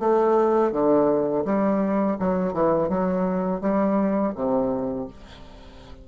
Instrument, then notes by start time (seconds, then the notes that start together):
bassoon
0.00 A3
0.72 D3
1.45 G3
2.19 F#3
2.53 E3
2.89 F#3
3.61 G3
4.36 C3